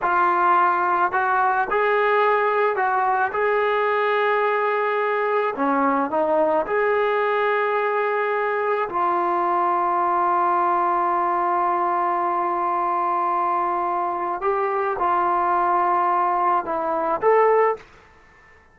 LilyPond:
\new Staff \with { instrumentName = "trombone" } { \time 4/4 \tempo 4 = 108 f'2 fis'4 gis'4~ | gis'4 fis'4 gis'2~ | gis'2 cis'4 dis'4 | gis'1 |
f'1~ | f'1~ | f'2 g'4 f'4~ | f'2 e'4 a'4 | }